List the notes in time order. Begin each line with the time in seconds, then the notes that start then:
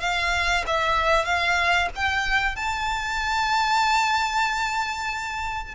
0.00 F5
0.66 E5
1.24 F5
1.95 G5
2.55 A5